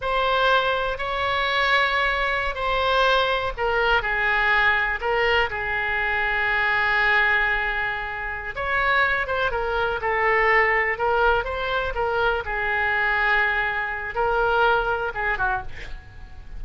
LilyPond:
\new Staff \with { instrumentName = "oboe" } { \time 4/4 \tempo 4 = 123 c''2 cis''2~ | cis''4~ cis''16 c''2 ais'8.~ | ais'16 gis'2 ais'4 gis'8.~ | gis'1~ |
gis'4. cis''4. c''8 ais'8~ | ais'8 a'2 ais'4 c''8~ | c''8 ais'4 gis'2~ gis'8~ | gis'4 ais'2 gis'8 fis'8 | }